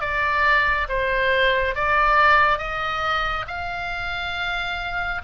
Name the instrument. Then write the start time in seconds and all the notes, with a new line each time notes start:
oboe
0.00 D5
0.88 C5
1.75 D5
2.58 D#5
3.47 F5